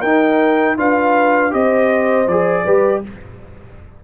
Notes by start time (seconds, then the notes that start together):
0.00 D#4 A#4 G5
0.77 D4 F4 B4 F5
1.51 C4 G4 C5 D#5
2.27 F3 G#4 D5
2.65 G3 G4 B4